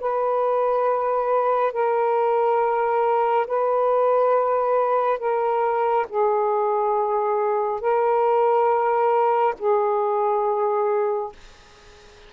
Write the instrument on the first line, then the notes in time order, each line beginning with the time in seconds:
saxophone
0.00 B4
1.72 A#4
3.47 B4
5.19 A#4
6.09 G#4
7.80 A#4
9.58 G#4